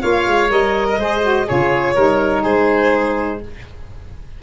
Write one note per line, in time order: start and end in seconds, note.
0.00 0.27 A#3
0.00 0.49 F4
0.00 0.87 C#5
0.00 0.51 F5
0.27 0.51 G#3
0.49 0.98 G3
0.49 0.98 A#4
0.49 1.49 D#5
0.90 0.99 A#4
0.98 1.47 G#3
0.98 1.22 G#4
0.98 1.47 C5
1.22 1.46 F#4
1.47 1.97 C#3
1.47 1.96 F4
1.47 1.95 G#4
1.47 2.44 C#5
1.95 2.45 G3
1.95 3.43 D#4
1.95 2.43 A#4
2.43 3.42 G#3
2.43 3.40 G#4
2.43 3.41 C5